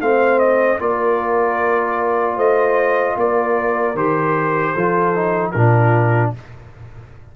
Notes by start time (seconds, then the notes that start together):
0.00 A3 C4 C5 F5
0.39 D#5
0.79 A#3 F4 A#4 D5
2.35 A3 C5 D#5
3.16 A#3 A#4 D5
3.94 D#3 G4 C5
4.74 F3 F4 A4
5.14 D#4
5.51 A#2 D4 F4 A#4